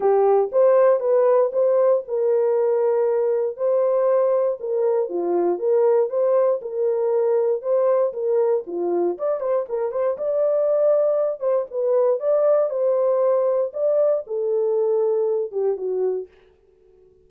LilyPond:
\new Staff \with { instrumentName = "horn" } { \time 4/4 \tempo 4 = 118 g'4 c''4 b'4 c''4 | ais'2. c''4~ | c''4 ais'4 f'4 ais'4 | c''4 ais'2 c''4 |
ais'4 f'4 d''8 c''8 ais'8 c''8 | d''2~ d''8 c''8 b'4 | d''4 c''2 d''4 | a'2~ a'8 g'8 fis'4 | }